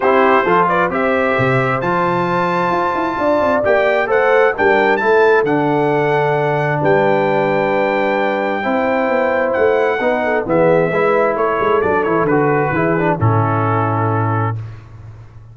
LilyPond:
<<
  \new Staff \with { instrumentName = "trumpet" } { \time 4/4 \tempo 4 = 132 c''4. d''8 e''2 | a''1 | g''4 fis''4 g''4 a''4 | fis''2. g''4~ |
g''1~ | g''4 fis''2 e''4~ | e''4 cis''4 d''8 cis''8 b'4~ | b'4 a'2. | }
  \new Staff \with { instrumentName = "horn" } { \time 4/4 g'4 a'8 b'8 c''2~ | c''2. d''4~ | d''4 c''4 ais'4 a'4~ | a'2. b'4~ |
b'2. c''4~ | c''2 b'8 a'8 gis'4 | b'4 a'2. | gis'4 e'2. | }
  \new Staff \with { instrumentName = "trombone" } { \time 4/4 e'4 f'4 g'2 | f'1 | g'4 a'4 d'4 e'4 | d'1~ |
d'2. e'4~ | e'2 dis'4 b4 | e'2 d'8 e'8 fis'4 | e'8 d'8 cis'2. | }
  \new Staff \with { instrumentName = "tuba" } { \time 4/4 c'4 f4 c'4 c4 | f2 f'8 e'8 d'8 c'8 | ais4 a4 g4 a4 | d2. g4~ |
g2. c'4 | b4 a4 b4 e4 | gis4 a8 gis8 fis8 e8 d4 | e4 a,2. | }
>>